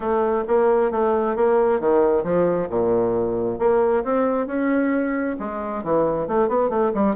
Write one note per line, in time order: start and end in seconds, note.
0.00 0.44 A3
0.47 0.91 A#3
0.91 1.36 A3
1.36 1.80 A#3
1.80 2.23 D#3
2.23 2.68 F3
2.69 3.58 A#2
3.58 4.03 A#3
4.04 4.46 C4
4.46 5.36 C#4
5.39 5.83 G#3
5.83 6.27 E3
6.27 6.48 A3
6.48 6.69 B3
6.69 6.92 A3
6.94 7.15 G3